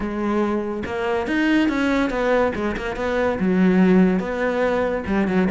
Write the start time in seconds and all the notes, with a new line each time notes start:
0.00 G#3
0.85 A#3
1.27 D#4
1.69 C#4
2.10 B3
2.55 G#3
2.76 A#3
2.96 B3
3.39 F#3
4.19 B3
5.06 G3
5.27 F#3